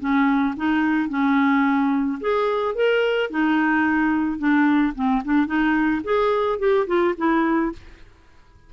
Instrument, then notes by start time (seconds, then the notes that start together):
clarinet
0.00 C#4
0.57 D#4
1.09 C#4
2.21 G#4
2.75 A#4
3.31 D#4
4.39 D4
4.95 C4
5.25 D4
5.47 D#4
6.04 G#4
6.59 G4
6.87 F4
7.18 E4